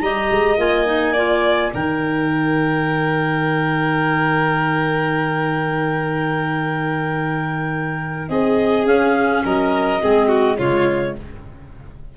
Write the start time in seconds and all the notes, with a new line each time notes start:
0.00 G3 G4 D#5 A#5
0.31 G#3
0.58 A#3 F4 G#5
0.85 D#4
1.13 F4 D5
1.73 D#3 D#4 A#4 G5
8.29 C4 G#4 D#5
8.85 C#4 F5
9.45 F#3 A#4 D#5
10.01 G#3 C4 G#4
10.28 F#4
10.58 C#3 G#3 F4 C#5